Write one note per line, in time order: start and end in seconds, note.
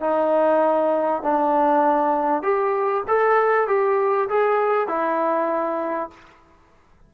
0.00 1.22 D#4
1.22 2.42 D4
2.42 3.04 G4
3.08 3.67 A4
3.67 4.29 G4
4.29 4.88 G#4
4.88 6.10 E4